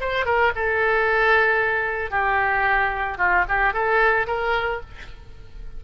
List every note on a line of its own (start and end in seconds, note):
0.00 0.26 C5
0.26 0.52 A#4
0.55 2.11 A4
2.11 3.18 G4
3.18 3.45 F4
3.48 3.73 G4
3.73 4.27 A4
4.27 4.81 A#4